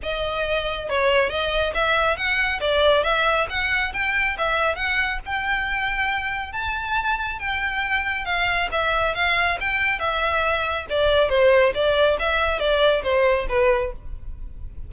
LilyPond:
\new Staff \with { instrumentName = "violin" } { \time 4/4 \tempo 4 = 138 dis''2 cis''4 dis''4 | e''4 fis''4 d''4 e''4 | fis''4 g''4 e''4 fis''4 | g''2. a''4~ |
a''4 g''2 f''4 | e''4 f''4 g''4 e''4~ | e''4 d''4 c''4 d''4 | e''4 d''4 c''4 b'4 | }